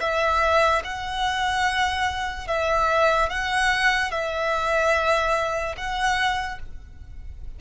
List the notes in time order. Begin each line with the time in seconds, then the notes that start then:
0.00 E5
0.84 F#5
2.47 E5
3.30 F#5
4.11 E5
5.77 F#5